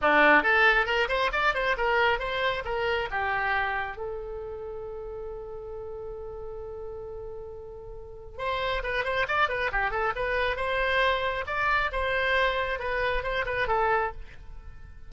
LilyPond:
\new Staff \with { instrumentName = "oboe" } { \time 4/4 \tempo 4 = 136 d'4 a'4 ais'8 c''8 d''8 c''8 | ais'4 c''4 ais'4 g'4~ | g'4 a'2.~ | a'1~ |
a'2. c''4 | b'8 c''8 d''8 b'8 g'8 a'8 b'4 | c''2 d''4 c''4~ | c''4 b'4 c''8 b'8 a'4 | }